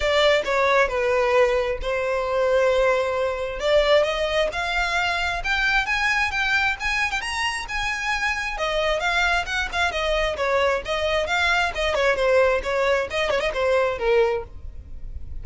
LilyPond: \new Staff \with { instrumentName = "violin" } { \time 4/4 \tempo 4 = 133 d''4 cis''4 b'2 | c''1 | d''4 dis''4 f''2 | g''4 gis''4 g''4 gis''8. g''16 |
ais''4 gis''2 dis''4 | f''4 fis''8 f''8 dis''4 cis''4 | dis''4 f''4 dis''8 cis''8 c''4 | cis''4 dis''8 cis''16 dis''16 c''4 ais'4 | }